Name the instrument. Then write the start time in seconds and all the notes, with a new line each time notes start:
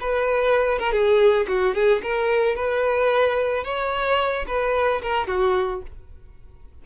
violin
0.00 B4
0.79 A#4
0.92 G#4
1.48 F#4
1.74 G#4
2.03 A#4
2.55 B4
3.64 C#5
4.47 B4
5.02 A#4
5.27 F#4